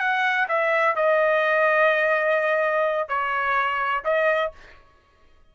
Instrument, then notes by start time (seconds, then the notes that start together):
trumpet
0.00 F#5
0.49 E5
0.96 D#5
3.09 C#5
4.05 D#5